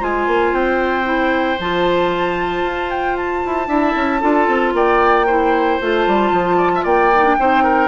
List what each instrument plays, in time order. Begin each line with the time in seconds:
0.00 bassoon G#3, clarinet F4, oboe C5, flute G#5
0.27 bassoon A#3
0.52 bassoon C4, flute G5
1.04 clarinet E4
1.59 bassoon F3, clarinet F4, flute A5
2.64 bassoon F4
2.90 flute G5
3.17 flute A5
3.46 bassoon E4
3.68 bassoon D4, clarinet E4, oboe E5
3.96 bassoon C#4
4.21 bassoon D4, clarinet F4, oboe A4
4.48 bassoon C4
4.74 bassoon A#3, oboe D5, flute G5
5.27 clarinet E4, oboe C5
5.81 bassoon A3, clarinet F4, flute A5
6.07 bassoon G3
6.32 bassoon F3
6.57 oboe D5
6.75 oboe E5
6.84 bassoon A#3, oboe D5, flute G5
7.15 clarinet D#4
7.25 clarinet D4
7.39 bassoon C4, clarinet D#4, oboe C5
7.64 oboe A#4